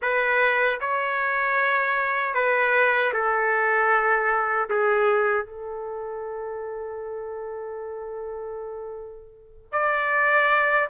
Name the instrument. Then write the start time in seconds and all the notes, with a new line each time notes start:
trumpet
0.02 B4
0.80 C#5
2.34 B4
3.13 A4
4.69 G#4
5.45 A4
9.72 D5